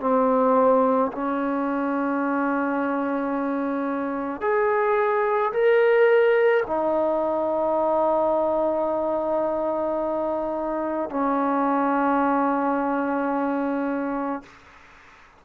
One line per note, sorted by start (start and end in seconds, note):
0.00 1.11 C4
1.12 4.41 C#4
4.41 5.52 G#4
5.53 6.64 A#4
6.67 11.10 D#4
11.10 14.43 C#4